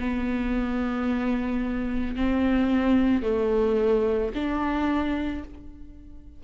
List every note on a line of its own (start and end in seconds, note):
0.00 2.16 B3
2.16 3.23 C4
3.23 4.32 A3
4.35 5.44 D4